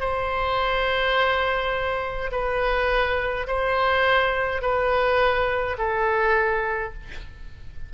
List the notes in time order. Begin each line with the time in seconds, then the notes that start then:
0.00 C5
2.31 B4
3.47 C5
4.62 B4
5.78 A4